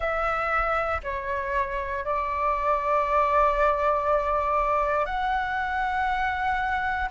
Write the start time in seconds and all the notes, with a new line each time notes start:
0.00 E5
1.03 C#5
2.04 D5
5.05 F#5